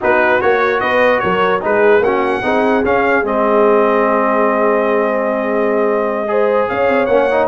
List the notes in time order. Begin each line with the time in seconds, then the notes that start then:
0.01 B3 D#4 F#4 B4
0.41 A#3 F#4 C#5
0.80 B3 B4 D#5
1.19 F#3 A#4 C#5
1.60 G#3 D#4 G#4 B4
2.00 A#3 C#4 F#4 F#5
2.42 C4 D#4 G#4
2.84 C#4 F5
3.22 G#3 C4 D#5
6.27 G#4 C5
6.68 C#4 C#5 F5
6.88 C4
7.05 A#3 C#4 F#5
7.31 D#4